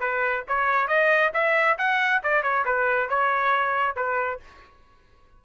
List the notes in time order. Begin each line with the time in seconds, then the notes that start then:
0.00 B4
0.48 C#5
0.88 D#5
1.34 E5
1.78 F#5
2.23 D5
2.43 C#5
2.66 B4
3.09 C#5
3.96 B4